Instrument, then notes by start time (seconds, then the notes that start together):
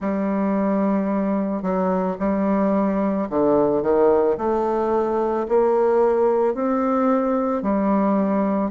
bassoon
0.00 G3
1.62 F#3
2.19 G3
3.29 D3
3.82 D#3
4.37 A3
5.48 A#3
6.54 C4
7.62 G3